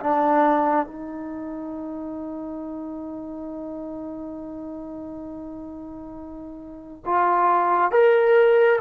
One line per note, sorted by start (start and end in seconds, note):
0.00 0.86 D4
0.86 7.03 D#4
7.05 7.91 F4
7.91 8.80 A#4